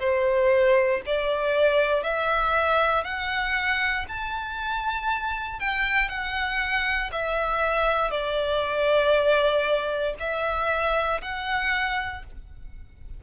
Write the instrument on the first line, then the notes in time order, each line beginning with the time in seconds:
violin
0.00 C5
1.06 D5
2.03 E5
3.04 F#5
4.09 A5
5.60 G5
6.09 F#5
7.12 E5
8.11 D5
10.20 E5
11.22 F#5